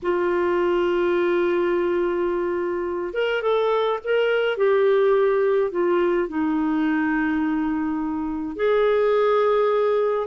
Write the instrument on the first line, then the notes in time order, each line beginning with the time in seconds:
clarinet
0.02 F4
3.13 A#4
3.42 A4
4.03 A#4
4.57 G4
5.71 F4
6.28 D#4
8.56 G#4